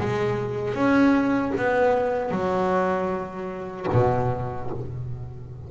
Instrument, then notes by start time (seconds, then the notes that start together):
double bass
0.00 G#3
0.74 C#4
1.58 B3
2.31 F#3
3.93 B2